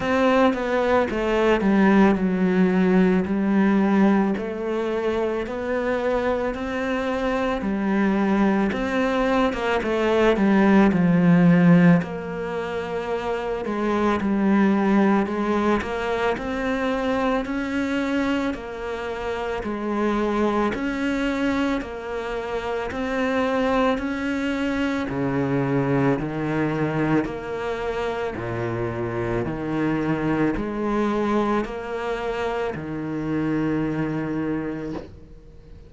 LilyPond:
\new Staff \with { instrumentName = "cello" } { \time 4/4 \tempo 4 = 55 c'8 b8 a8 g8 fis4 g4 | a4 b4 c'4 g4 | c'8. ais16 a8 g8 f4 ais4~ | ais8 gis8 g4 gis8 ais8 c'4 |
cis'4 ais4 gis4 cis'4 | ais4 c'4 cis'4 cis4 | dis4 ais4 ais,4 dis4 | gis4 ais4 dis2 | }